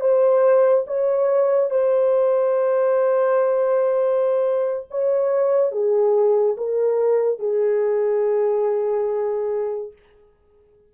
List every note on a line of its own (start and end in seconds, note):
0.00 0.85 C5
0.86 1.70 C#5
1.70 4.87 C5
4.90 5.72 C#5
5.72 6.56 G#4
6.57 7.39 A#4
7.39 9.93 G#4